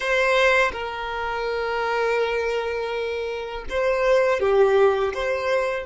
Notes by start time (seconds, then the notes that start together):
0.00 C5
0.72 A#4
3.69 C5
4.39 G4
5.14 C5